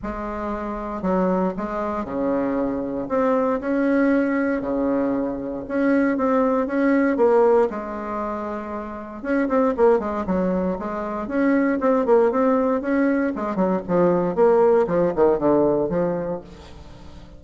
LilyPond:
\new Staff \with { instrumentName = "bassoon" } { \time 4/4 \tempo 4 = 117 gis2 fis4 gis4 | cis2 c'4 cis'4~ | cis'4 cis2 cis'4 | c'4 cis'4 ais4 gis4~ |
gis2 cis'8 c'8 ais8 gis8 | fis4 gis4 cis'4 c'8 ais8 | c'4 cis'4 gis8 fis8 f4 | ais4 f8 dis8 d4 f4 | }